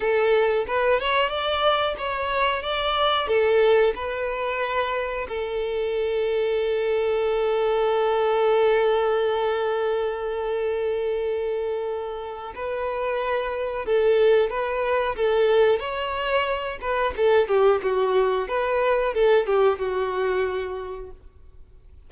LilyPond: \new Staff \with { instrumentName = "violin" } { \time 4/4 \tempo 4 = 91 a'4 b'8 cis''8 d''4 cis''4 | d''4 a'4 b'2 | a'1~ | a'1~ |
a'2. b'4~ | b'4 a'4 b'4 a'4 | cis''4. b'8 a'8 g'8 fis'4 | b'4 a'8 g'8 fis'2 | }